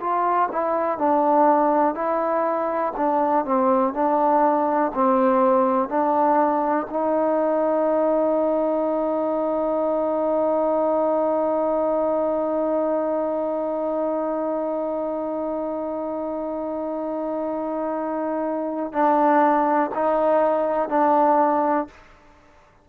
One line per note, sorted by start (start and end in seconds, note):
0.00 0.49 F4
0.52 0.98 E4
0.98 1.94 D4
1.94 2.93 E4
2.96 3.45 D4
3.45 3.93 C4
3.93 4.92 D4
4.94 5.89 C4
5.89 6.87 D4
6.90 18.93 D#4
18.93 19.91 D4
19.94 20.89 D#4
20.89 21.87 D4